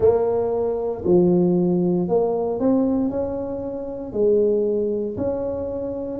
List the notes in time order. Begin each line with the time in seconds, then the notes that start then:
0.00 A#3
1.04 F3
2.08 A#3
2.59 C4
3.10 C#4
4.12 G#3
5.17 C#4